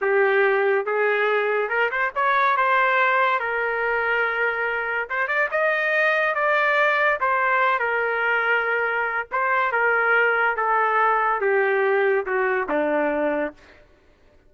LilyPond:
\new Staff \with { instrumentName = "trumpet" } { \time 4/4 \tempo 4 = 142 g'2 gis'2 | ais'8 c''8 cis''4 c''2 | ais'1 | c''8 d''8 dis''2 d''4~ |
d''4 c''4. ais'4.~ | ais'2 c''4 ais'4~ | ais'4 a'2 g'4~ | g'4 fis'4 d'2 | }